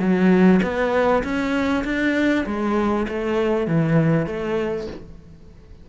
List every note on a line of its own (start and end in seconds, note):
0.00 0.61 F#3
0.63 1.23 B3
1.24 1.84 C#4
1.85 2.45 D4
2.46 3.07 G#3
3.09 3.67 A3
3.67 4.27 E3
4.27 4.87 A3